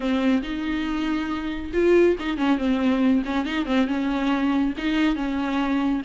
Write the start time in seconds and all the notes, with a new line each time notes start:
0.00 C4
0.42 D#4
1.73 F4
2.19 D#4
2.37 C#4
2.58 C4
3.25 C#4
3.45 D#4
3.65 C4
3.87 C#4
4.77 D#4
5.15 C#4